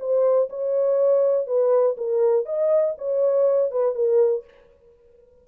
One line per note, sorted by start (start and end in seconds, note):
0.00 0.50 C5
0.50 1.47 C#5
1.47 1.97 B4
1.98 2.46 A#4
2.46 2.95 D#5
2.98 3.72 C#5
3.72 3.95 B4
3.95 4.45 A#4